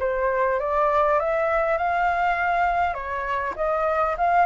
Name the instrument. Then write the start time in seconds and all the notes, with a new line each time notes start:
flute
0.00 C5
0.60 D5
1.20 E5
1.78 F5
2.94 C#5
3.56 D#5
4.18 F5